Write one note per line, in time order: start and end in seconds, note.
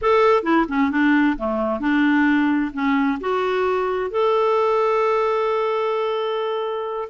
0.01 0.43 A4
0.43 0.66 E4
0.68 0.91 C#4
0.91 1.36 D4
1.37 1.80 A3
1.80 2.71 D4
2.73 3.18 C#4
3.20 4.11 F#4
4.11 7.08 A4